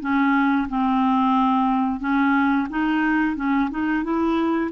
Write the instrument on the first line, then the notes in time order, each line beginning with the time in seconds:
clarinet
0.00 C#4
0.69 C4
2.00 C#4
2.69 D#4
3.36 C#4
3.70 D#4
4.03 E4